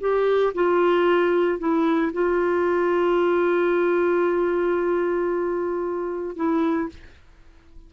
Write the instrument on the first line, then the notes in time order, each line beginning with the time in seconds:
clarinet
0.00 G4
0.54 F4
1.59 E4
2.13 F4
6.36 E4